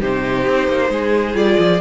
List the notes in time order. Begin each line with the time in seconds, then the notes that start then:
0.00 C3 D#4 G4 C5
0.47 C4
0.69 A#3
0.90 G#3 G#4
1.34 G3 F4 D5
1.59 F3